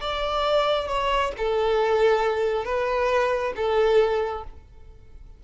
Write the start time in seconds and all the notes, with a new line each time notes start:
0.00 D5
0.88 C#5
1.37 A4
2.64 B4
3.56 A4